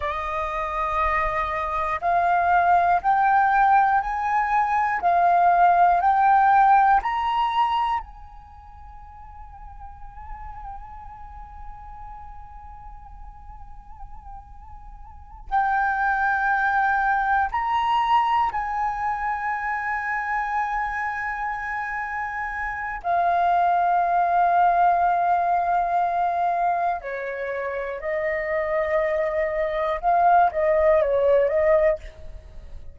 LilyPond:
\new Staff \with { instrumentName = "flute" } { \time 4/4 \tempo 4 = 60 dis''2 f''4 g''4 | gis''4 f''4 g''4 ais''4 | gis''1~ | gis''2.~ gis''8 g''8~ |
g''4. ais''4 gis''4.~ | gis''2. f''4~ | f''2. cis''4 | dis''2 f''8 dis''8 cis''8 dis''8 | }